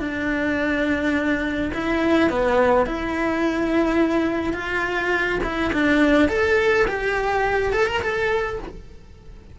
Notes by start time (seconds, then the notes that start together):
0.00 D4
1.74 E4
2.30 B3
2.86 E4
4.54 F4
5.43 E4
5.72 D4
6.29 A4
6.88 G4
7.73 A4
7.87 A#4
8.02 A4